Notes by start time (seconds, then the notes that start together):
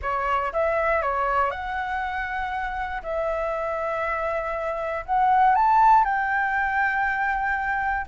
0.02 C#5
0.52 E5
1.02 C#5
1.51 F#5
3.03 E5
5.05 F#5
5.55 A5
6.04 G5